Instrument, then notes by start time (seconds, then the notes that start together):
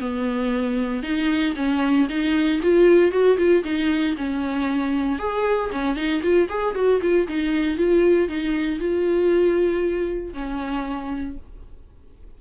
viola
0.00 B3
1.03 D#4
1.56 C#4
2.09 D#4
2.63 F4
3.12 F#4
3.38 F4
3.64 D#4
4.17 C#4
5.19 G#4
5.72 C#4
5.96 D#4
6.23 F4
6.50 G#4
6.75 F#4
7.02 F4
7.28 D#4
7.78 F4
8.29 D#4
8.80 F4
10.34 C#4